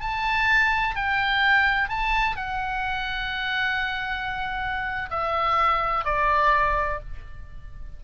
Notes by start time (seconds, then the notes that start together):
0.00 A5
0.96 G5
1.89 A5
2.36 F#5
5.10 E5
6.05 D5